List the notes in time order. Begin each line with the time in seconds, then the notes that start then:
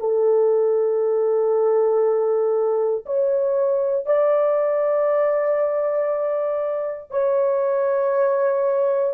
0.00 A4
3.06 C#5
4.06 D5
7.11 C#5